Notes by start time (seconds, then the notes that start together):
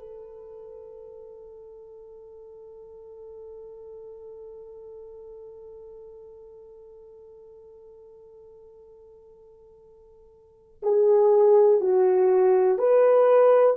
0.00 A4
10.83 G#4
11.81 F#4
12.79 B4